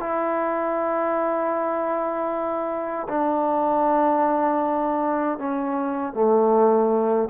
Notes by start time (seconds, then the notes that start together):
0.00 E4
3.09 D4
5.39 C#4
6.14 A3